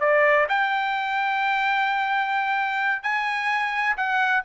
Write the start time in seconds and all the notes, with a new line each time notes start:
0.00 D5
0.48 G5
3.03 G#5
3.97 F#5